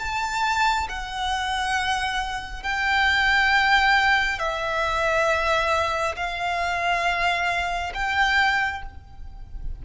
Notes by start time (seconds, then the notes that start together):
0.00 A5
0.89 F#5
2.63 G5
4.39 E5
6.17 F5
7.95 G5